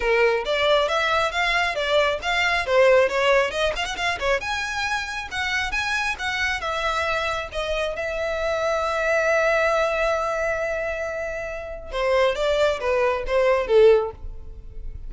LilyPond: \new Staff \with { instrumentName = "violin" } { \time 4/4 \tempo 4 = 136 ais'4 d''4 e''4 f''4 | d''4 f''4 c''4 cis''4 | dis''8 f''16 fis''16 f''8 cis''8 gis''2 | fis''4 gis''4 fis''4 e''4~ |
e''4 dis''4 e''2~ | e''1~ | e''2. c''4 | d''4 b'4 c''4 a'4 | }